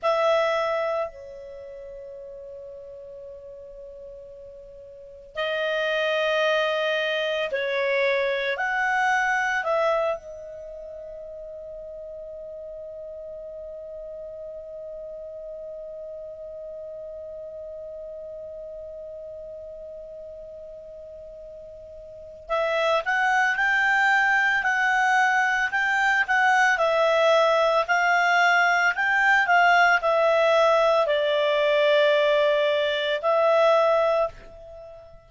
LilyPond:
\new Staff \with { instrumentName = "clarinet" } { \time 4/4 \tempo 4 = 56 e''4 cis''2.~ | cis''4 dis''2 cis''4 | fis''4 e''8 dis''2~ dis''8~ | dis''1~ |
dis''1~ | dis''4 e''8 fis''8 g''4 fis''4 | g''8 fis''8 e''4 f''4 g''8 f''8 | e''4 d''2 e''4 | }